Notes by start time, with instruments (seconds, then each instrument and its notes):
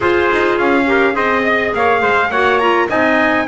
0.00 clarinet F4, double bass F4, trumpet G#4 C5
0.31 double bass D#4
0.58 double bass C#4, trumpet F5
0.86 clarinet G4, trumpet A#4
1.13 double bass C4, clarinet G#4, trumpet C5 D#5
1.44 trumpet D#5
1.73 double bass A#3, trumpet C#5 F5
2.01 double bass G#3, trumpet C5
2.30 double bass A#3, clarinet F#4, trumpet C#5 F#5
2.58 clarinet F4, trumpet A#5
2.89 double bass C4, clarinet D#4, trumpet D#5 G#5